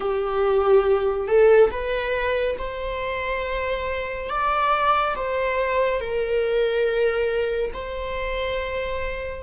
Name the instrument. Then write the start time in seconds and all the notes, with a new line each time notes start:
viola
0.00 G4
1.27 A4
1.71 B4
2.58 C5
4.29 D5
5.15 C5
6.00 A#4
7.73 C5